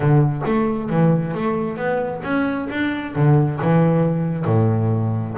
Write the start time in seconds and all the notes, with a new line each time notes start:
0.00 D3
0.45 A3
0.89 E3
1.34 A3
1.76 B3
2.23 C#4
2.70 D4
3.15 D3
3.61 E3
4.45 A2